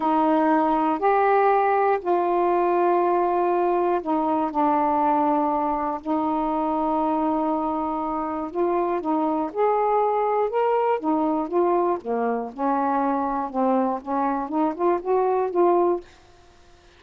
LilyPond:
\new Staff \with { instrumentName = "saxophone" } { \time 4/4 \tempo 4 = 120 dis'2 g'2 | f'1 | dis'4 d'2. | dis'1~ |
dis'4 f'4 dis'4 gis'4~ | gis'4 ais'4 dis'4 f'4 | ais4 cis'2 c'4 | cis'4 dis'8 f'8 fis'4 f'4 | }